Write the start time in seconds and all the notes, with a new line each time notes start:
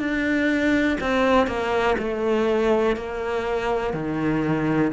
0.00 D4
1.01 C4
1.48 A#3
1.99 A3
2.97 A#3
3.94 D#3